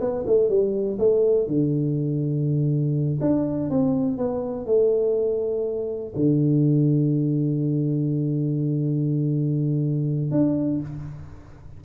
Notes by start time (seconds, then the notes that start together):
0.00 B3
0.26 A3
0.49 G3
0.99 A3
1.47 D3
3.21 D4
3.70 C4
4.18 B3
4.66 A3
6.16 D3
10.31 D4